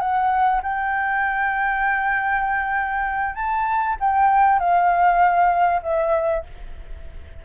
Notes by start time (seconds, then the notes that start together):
0.00 F#5
0.63 G5
3.35 A5
4.00 G5
4.59 F5
5.82 E5